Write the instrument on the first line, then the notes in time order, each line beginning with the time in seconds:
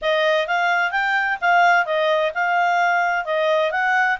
clarinet
0.01 D#5
0.47 F5
0.91 G5
1.41 F5
1.85 D#5
2.34 F5
3.25 D#5
3.71 F#5